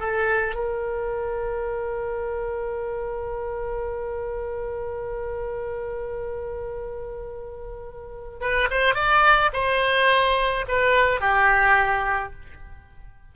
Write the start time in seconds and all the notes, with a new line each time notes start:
0.00 A4
0.56 A#4
8.41 B4
8.71 C5
8.95 D5
9.54 C5
10.68 B4
11.21 G4